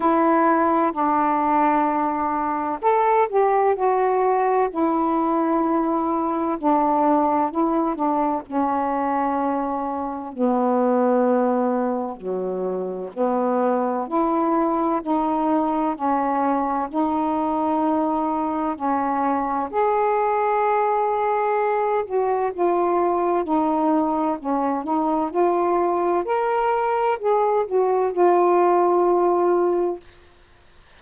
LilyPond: \new Staff \with { instrumentName = "saxophone" } { \time 4/4 \tempo 4 = 64 e'4 d'2 a'8 g'8 | fis'4 e'2 d'4 | e'8 d'8 cis'2 b4~ | b4 fis4 b4 e'4 |
dis'4 cis'4 dis'2 | cis'4 gis'2~ gis'8 fis'8 | f'4 dis'4 cis'8 dis'8 f'4 | ais'4 gis'8 fis'8 f'2 | }